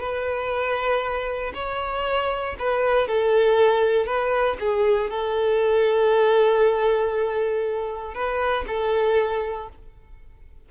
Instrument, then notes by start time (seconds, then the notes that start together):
violin
0.00 B4
1.54 C#5
2.59 B4
3.08 A4
4.07 B4
4.60 G#4
5.10 A4
8.14 B4
8.68 A4